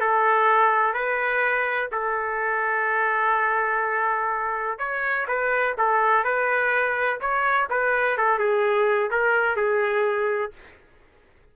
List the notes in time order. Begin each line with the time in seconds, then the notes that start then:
0.00 A4
0.93 B4
1.92 A4
4.78 C#5
5.28 B4
5.78 A4
6.24 B4
7.20 C#5
7.70 B4
8.17 A4
8.38 G#4
9.10 A#4
9.56 G#4